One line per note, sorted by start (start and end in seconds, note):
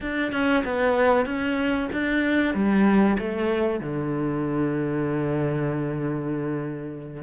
0.00 0.32 D4
0.32 0.63 C#4
0.64 1.25 B3
1.25 1.88 C#4
1.92 2.54 D4
2.54 3.17 G3
3.19 3.80 A3
3.80 7.22 D3